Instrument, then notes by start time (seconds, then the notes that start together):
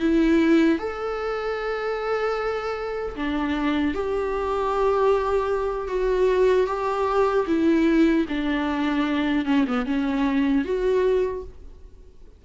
viola
0.00 E4
0.79 A4
3.16 D4
3.95 G4
5.88 F#4
6.67 G4
7.47 E4
8.29 D4
9.46 C#4
9.67 B3
9.86 C#4
10.65 F#4